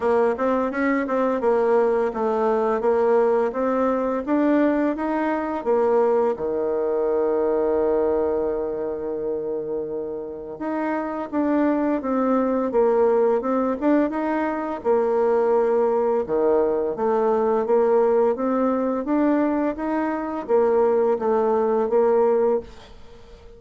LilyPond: \new Staff \with { instrumentName = "bassoon" } { \time 4/4 \tempo 4 = 85 ais8 c'8 cis'8 c'8 ais4 a4 | ais4 c'4 d'4 dis'4 | ais4 dis2.~ | dis2. dis'4 |
d'4 c'4 ais4 c'8 d'8 | dis'4 ais2 dis4 | a4 ais4 c'4 d'4 | dis'4 ais4 a4 ais4 | }